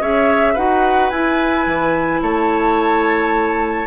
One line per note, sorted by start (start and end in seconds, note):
0.00 0.56 C#4
0.00 0.56 G#4
0.00 0.53 C#5
0.00 0.56 E5
0.53 1.11 D#4
0.53 1.11 F#4
0.53 2.20 B4
0.53 1.10 F#5
1.10 1.66 E4
1.10 3.87 E4
1.10 2.21 G#5
1.66 2.22 E3
2.22 3.87 A3
2.22 3.87 C#5
2.22 3.87 A5